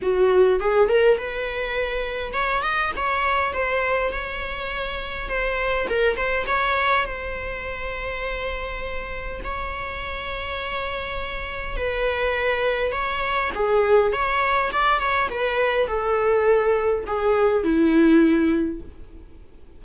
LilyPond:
\new Staff \with { instrumentName = "viola" } { \time 4/4 \tempo 4 = 102 fis'4 gis'8 ais'8 b'2 | cis''8 dis''8 cis''4 c''4 cis''4~ | cis''4 c''4 ais'8 c''8 cis''4 | c''1 |
cis''1 | b'2 cis''4 gis'4 | cis''4 d''8 cis''8 b'4 a'4~ | a'4 gis'4 e'2 | }